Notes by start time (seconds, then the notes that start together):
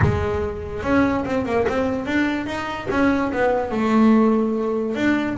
0.02 G#3
0.83 C#4
1.25 C4
1.45 A#3
1.68 C4
2.05 D4
2.46 D#4
2.90 C#4
3.32 B3
3.71 A3
4.95 D4